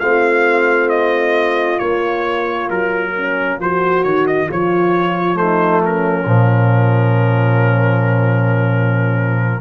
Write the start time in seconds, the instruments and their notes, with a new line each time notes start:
0.00 tuba A3, trombone C4, horn F4, trumpet F5
0.90 trumpet D#5
1.78 trombone A#3, tuba A#3, trumpet C#5
2.70 tuba F#3, trumpet A#4
3.16 horn C#4
3.60 tuba F3, horn F#4, trumpet C5
4.04 tuba D#3, trumpet C#5
4.27 trumpet D#5
4.48 tuba F3, horn F4, trumpet C#5
5.35 trombone A3, horn D#4, trumpet C5
5.85 horn C#4, trumpet A#4
6.26 tuba A#2, trombone F3